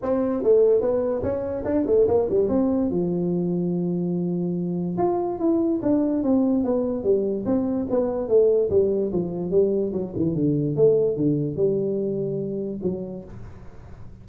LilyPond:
\new Staff \with { instrumentName = "tuba" } { \time 4/4 \tempo 4 = 145 c'4 a4 b4 cis'4 | d'8 a8 ais8 g8 c'4 f4~ | f1 | f'4 e'4 d'4 c'4 |
b4 g4 c'4 b4 | a4 g4 f4 g4 | fis8 e8 d4 a4 d4 | g2. fis4 | }